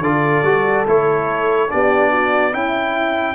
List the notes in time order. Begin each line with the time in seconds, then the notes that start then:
0.00 D3 F4 A4 D5
0.44 G3 F#4
0.87 A3 E4 C#5
1.69 B3 D4 G4 D5
2.11 F#4
2.52 C#4 E4 G5